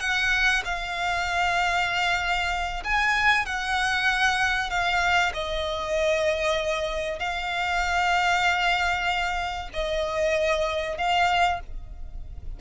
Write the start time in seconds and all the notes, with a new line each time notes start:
0.00 F#5
0.64 F5
2.84 G#5
3.46 F#5
4.70 F5
5.34 D#5
7.19 F5
9.73 D#5
10.97 F5